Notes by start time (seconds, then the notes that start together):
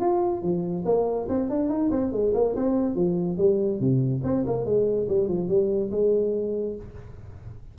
0.00 F4
0.42 F3
0.85 A#3
1.28 C4
1.49 D4
1.69 D#4
1.91 C4
2.11 G#3
2.34 A#3
2.55 C4
2.95 F3
3.37 G3
3.80 C3
4.23 C4
4.46 A#3
4.65 G#3
5.08 G3
5.28 F3
5.48 G3
5.91 G#3